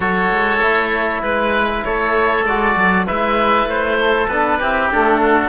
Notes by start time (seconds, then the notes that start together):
0.00 F#3 F#4 A4 C#5
0.30 G#3
0.61 A3 E4
1.22 G#3 B4
1.84 A3 A4 C#5
2.45 G#3 F#4 D5
2.76 F#3
3.06 G#3 E4 B4 E5
3.65 A3 C5
4.00 A4
4.27 B3 D4 B4
4.59 C4 E4 G4
4.90 A3 D4 A4
5.21 F#4